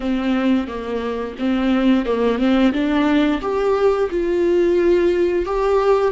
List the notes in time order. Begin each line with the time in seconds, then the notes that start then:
0.00 C4
0.67 A#3
1.38 C4
2.05 A#3
2.38 C4
2.72 D4
3.41 G4
4.10 F4
5.45 G4